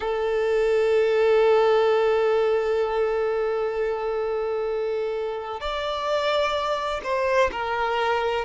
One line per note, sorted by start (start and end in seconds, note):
0.00 5.60 A4
5.60 7.01 D5
7.03 7.50 C5
7.51 8.45 A#4